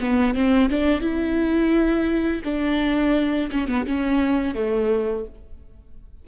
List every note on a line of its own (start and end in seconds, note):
0.00 0.34 B3
0.34 0.69 C4
0.69 1.00 D4
1.00 2.42 E4
2.44 3.50 D4
3.51 3.68 C#4
3.68 3.85 B3
3.86 4.54 C#4
4.54 5.25 A3